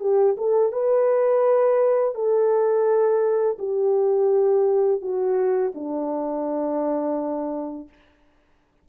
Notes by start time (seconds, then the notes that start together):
0.00 G4
0.38 A4
0.73 B4
2.15 A4
3.59 G4
5.02 F#4
5.75 D4